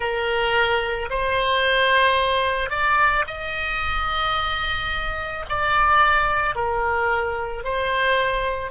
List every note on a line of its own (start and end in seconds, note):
0.00 1.09 A#4
1.10 2.70 C5
2.70 3.24 D5
3.27 5.45 D#5
5.49 6.55 D5
6.55 7.64 A#4
7.64 8.71 C5